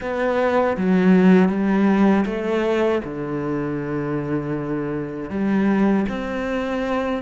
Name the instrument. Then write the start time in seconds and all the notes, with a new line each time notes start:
cello
0.00 B3
0.77 F#3
1.48 G3
2.25 A3
3.04 D3
5.30 G3
6.08 C4